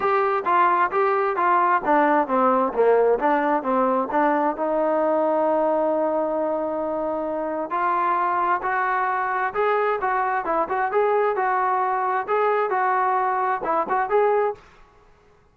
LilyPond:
\new Staff \with { instrumentName = "trombone" } { \time 4/4 \tempo 4 = 132 g'4 f'4 g'4 f'4 | d'4 c'4 ais4 d'4 | c'4 d'4 dis'2~ | dis'1~ |
dis'4 f'2 fis'4~ | fis'4 gis'4 fis'4 e'8 fis'8 | gis'4 fis'2 gis'4 | fis'2 e'8 fis'8 gis'4 | }